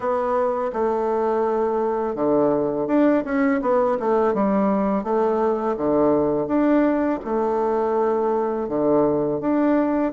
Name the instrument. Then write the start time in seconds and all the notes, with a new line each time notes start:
bassoon
0.00 B3
0.73 A3
2.15 D3
2.87 D4
3.24 C#4
3.61 B3
3.99 A3
4.34 G3
5.03 A3
5.76 D3
6.47 D4
7.24 A3
8.68 D3
9.40 D4